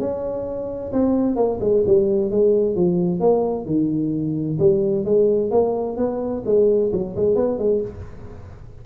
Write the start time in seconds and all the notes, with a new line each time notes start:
0.00 C#4
0.93 C4
1.36 A#3
1.60 G#3
1.87 G3
2.31 G#3
2.76 F3
3.20 A#3
3.66 D#3
4.60 G3
5.05 G#3
5.51 A#3
5.97 B3
6.46 G#3
6.93 F#3
7.16 G#3
7.36 B3
7.58 G#3